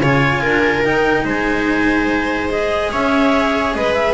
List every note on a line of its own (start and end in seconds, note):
0.00 0.41 C#3
0.00 0.84 F4
0.00 0.41 C#5
0.00 0.85 G#5
0.41 0.84 D4
0.41 1.24 A#4
0.84 1.25 D#4
0.84 2.50 D#4
0.84 1.26 G5
1.25 2.90 G#3
1.25 2.90 C5
1.25 2.51 G#5
2.50 4.14 G#4
2.50 2.92 D#5
2.92 3.75 C#4
2.92 3.75 C#5
2.92 3.74 E5
3.74 4.14 G#3
3.74 4.14 B4
3.74 3.94 D#5
3.94 4.14 E5